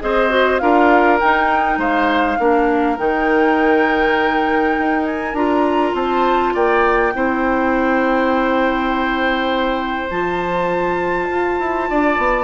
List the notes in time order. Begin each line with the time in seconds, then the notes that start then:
0.00 C4 G#4 C5 D#5
0.29 F#4
0.58 D4 F4 A#4 F5
1.20 D#4 G5
1.77 G#3 C5 F5
2.38 A#3 D4 A#4
2.97 D#3 D#4 G5
4.78 D#4
5.05 G#5
5.33 D4 F4 A#5
5.93 C4 C5 A5
6.53 A#3 D5 G5
7.13 C4 E4 C5
10.09 F3 F4 A5
11.29 F4
11.59 E4
11.89 D4 D5
12.17 B3